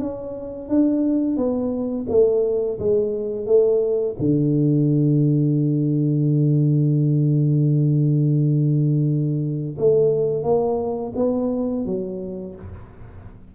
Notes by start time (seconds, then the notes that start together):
0.00 C#4
0.69 D4
1.37 B3
2.10 A3
2.80 G#3
3.47 A3
4.20 D3
9.79 A3
10.44 A#3
11.16 B3
11.86 F#3